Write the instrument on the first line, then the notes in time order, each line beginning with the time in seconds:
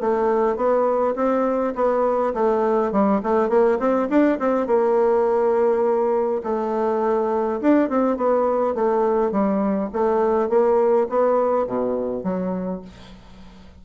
bassoon
0.00 A3
0.56 B3
1.15 C4
1.75 B3
2.34 A3
2.92 G3
3.23 A3
3.49 A#3
3.79 C4
4.09 D4
4.39 C4
4.66 A#3
6.43 A3
7.61 D4
7.89 C4
8.16 B3
8.74 A3
9.31 G3
9.92 A3
10.49 A#3
11.09 B3
11.66 B2
12.23 F#3